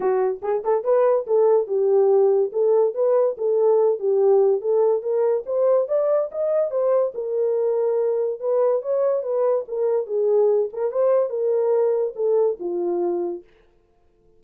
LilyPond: \new Staff \with { instrumentName = "horn" } { \time 4/4 \tempo 4 = 143 fis'4 gis'8 a'8 b'4 a'4 | g'2 a'4 b'4 | a'4. g'4. a'4 | ais'4 c''4 d''4 dis''4 |
c''4 ais'2. | b'4 cis''4 b'4 ais'4 | gis'4. ais'8 c''4 ais'4~ | ais'4 a'4 f'2 | }